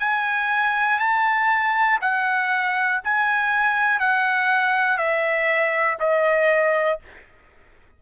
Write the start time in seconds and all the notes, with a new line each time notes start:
0.00 G#5
0.99 A5
2.01 F#5
3.04 G#5
4.00 F#5
4.98 E5
6.00 D#5